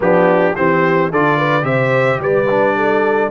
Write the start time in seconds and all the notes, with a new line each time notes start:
0.00 F3 B3 D4 G4
0.55 E3 C4 G4 C5
1.10 D3 F4 A4 D5
1.37 B4
1.62 C3 G4 C5 E5
2.19 G3 B4 D5
2.49 D4
2.75 A4